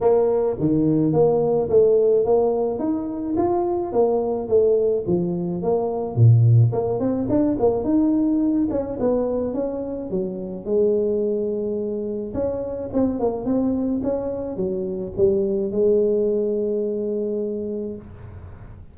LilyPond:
\new Staff \with { instrumentName = "tuba" } { \time 4/4 \tempo 4 = 107 ais4 dis4 ais4 a4 | ais4 dis'4 f'4 ais4 | a4 f4 ais4 ais,4 | ais8 c'8 d'8 ais8 dis'4. cis'8 |
b4 cis'4 fis4 gis4~ | gis2 cis'4 c'8 ais8 | c'4 cis'4 fis4 g4 | gis1 | }